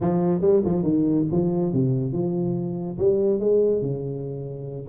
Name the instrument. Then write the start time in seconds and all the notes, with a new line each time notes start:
tuba
0.00 F3
0.41 G3
0.64 F3
0.83 D#3
1.31 F3
1.72 C3
2.12 F3
2.98 G3
3.39 G#3
3.81 C#3